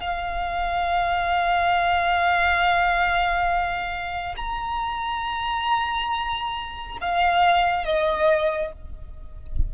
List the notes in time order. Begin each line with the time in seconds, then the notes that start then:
0.00 F5
4.36 A#5
7.01 F5
7.85 D#5